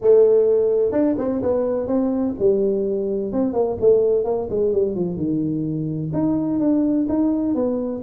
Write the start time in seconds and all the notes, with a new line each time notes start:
0.01 A3
0.92 D4
1.17 C4
1.42 B3
1.87 C4
2.39 G3
3.32 C4
3.53 A#3
3.80 A3
4.24 A#3
4.50 G#3
4.72 G3
4.95 F3
5.16 D#3
6.13 D#4
6.59 D4
7.09 D#4
7.55 B3